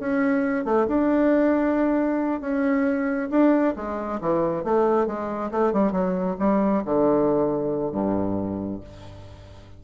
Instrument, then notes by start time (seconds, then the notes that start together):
bassoon
0.00 C#4
0.65 A3
0.88 D4
2.41 C#4
3.31 D4
3.76 G#3
4.21 E3
4.64 A3
5.07 G#3
5.51 A3
5.73 G3
5.92 F#3
6.40 G3
6.85 D3
7.93 G2